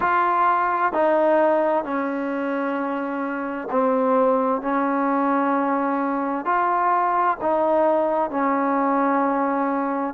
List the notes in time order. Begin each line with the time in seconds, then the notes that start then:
0.00 F4
0.92 D#4
1.83 C#4
3.70 C4
4.62 C#4
6.44 F4
7.41 D#4
8.30 C#4